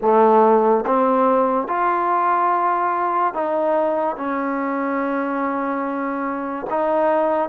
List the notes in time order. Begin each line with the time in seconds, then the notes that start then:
0.01 A3
0.86 C4
1.67 F4
3.33 D#4
4.16 C#4
6.69 D#4